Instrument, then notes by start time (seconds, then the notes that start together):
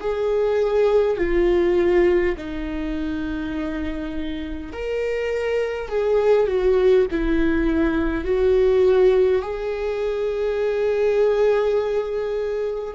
viola
0.00 G#4
1.17 F4
2.37 D#4
4.72 A#4
5.89 G#4
6.47 F#4
7.11 E4
8.25 F#4
9.42 G#4